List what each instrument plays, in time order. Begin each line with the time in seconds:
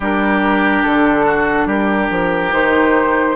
0.00 bassoon G3, clarinet D4, oboe G4, flute A#4
0.82 bassoon D3, flute A4
1.25 oboe F#4
1.65 bassoon G3, oboe G4, flute A#4
2.10 bassoon F3
2.52 bassoon D#3, clarinet D#4, flute C5